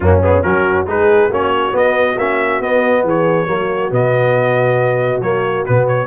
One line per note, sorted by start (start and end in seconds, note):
0.00 0.43 F#2
0.00 0.22 A#3
0.00 0.44 C#4
0.00 0.19 F#4
0.22 0.42 B3
0.22 0.42 G#4
0.42 0.86 F#3
0.42 0.86 C#4
0.42 0.88 F#4
0.42 0.86 A#4
0.86 1.29 G#3
0.86 1.30 D#4
0.86 1.29 G#4
0.86 1.33 B4
1.29 1.72 A#3
1.29 1.71 C#4
1.29 3.03 F#4
1.29 1.76 C#5
1.71 2.14 B3
1.71 2.16 B3
1.71 2.18 D#5
2.17 2.60 A#3
2.17 2.62 C#4
2.17 2.61 E5
2.60 3.03 B3
2.60 3.46 B3
2.60 3.05 D#5
3.03 3.47 E3
3.03 3.47 G#4
3.03 3.93 C#5
3.46 3.91 F#3
3.46 3.90 A#3
3.46 6.07 F#4
3.90 5.20 B2
3.90 5.20 B3
3.90 5.21 D#5
5.20 5.64 F#3
5.20 5.66 A#3
5.20 5.65 C#5
5.65 6.07 B2
5.65 6.07 B3
5.65 5.87 B4
5.87 6.07 C#5